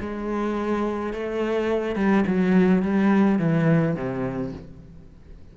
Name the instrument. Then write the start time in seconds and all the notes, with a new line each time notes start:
cello
0.00 G#3
1.13 A3
1.95 G3
2.27 F#3
2.82 G3
3.38 E3
3.95 C3